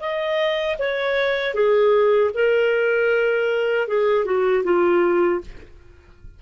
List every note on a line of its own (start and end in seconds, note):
0.00 0.77 D#5
0.79 1.55 C#5
1.55 2.31 G#4
2.35 3.88 A#4
3.88 4.25 G#4
4.25 4.64 F#4
4.64 5.41 F4